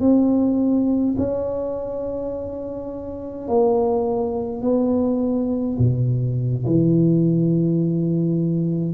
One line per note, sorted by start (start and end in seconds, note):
0.00 1.15 C4
1.17 3.48 C#4
3.48 4.62 A#3
4.62 5.77 B3
5.78 6.65 B2
6.66 8.94 E3